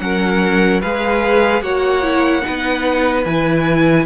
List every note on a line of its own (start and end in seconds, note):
0.00 0.82 F#3
0.00 0.82 C#4
0.00 0.82 A#4
0.00 0.81 F#5
0.82 1.62 G#3
0.82 1.63 G#4
0.82 1.63 B4
0.82 1.62 F5
1.62 2.43 A#3
1.62 2.03 F#4
1.62 2.44 C#5
1.62 3.25 F#5
2.03 2.42 E4
2.42 3.23 D#4
2.42 4.06 B4
2.49 3.25 B3
3.25 4.06 E3
3.25 4.06 E4
3.25 4.06 G#5